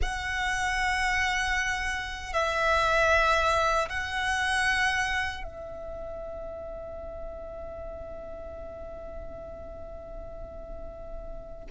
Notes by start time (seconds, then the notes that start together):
0.01 F#5
2.33 E5
3.89 F#5
5.43 E5